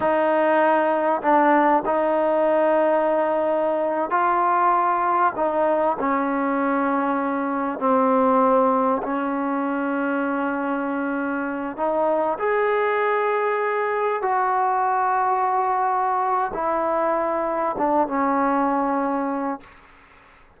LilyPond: \new Staff \with { instrumentName = "trombone" } { \time 4/4 \tempo 4 = 98 dis'2 d'4 dis'4~ | dis'2~ dis'8. f'4~ f'16~ | f'8. dis'4 cis'2~ cis'16~ | cis'8. c'2 cis'4~ cis'16~ |
cis'2.~ cis'16 dis'8.~ | dis'16 gis'2. fis'8.~ | fis'2. e'4~ | e'4 d'8 cis'2~ cis'8 | }